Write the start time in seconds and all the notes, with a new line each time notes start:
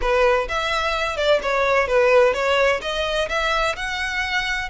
0.01 B4
0.48 E5
1.16 D5
1.42 C#5
1.87 B4
2.33 C#5
2.81 D#5
3.28 E5
3.76 F#5